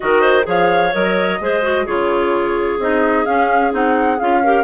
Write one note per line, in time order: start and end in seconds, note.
0.00 0.46 D#3
0.00 0.43 F#4
0.00 0.21 A#4
0.00 0.44 D#5
0.21 0.44 C5
0.43 0.92 F3
0.43 0.89 G#4
0.43 1.41 C#5
0.43 0.93 F5
0.93 1.40 F#3
0.93 1.40 A#4
0.93 1.86 D#5
1.40 1.86 G#3
1.40 1.62 G#4
1.40 1.85 C5
1.62 1.85 F#4
1.85 2.78 C#3
1.85 2.79 F4
1.85 4.41 G#4
1.85 2.79 C#5
2.78 3.25 C4
2.78 3.26 D#4
2.78 3.25 D#5
3.25 3.71 C#4
3.25 3.72 C#4
3.25 3.72 F5
3.71 4.19 C4
3.71 4.17 D#4
3.71 4.19 F#5
4.19 4.63 C#4
4.19 4.43 F4
4.19 4.63 F5
4.42 4.63 G4
4.42 4.63 A#4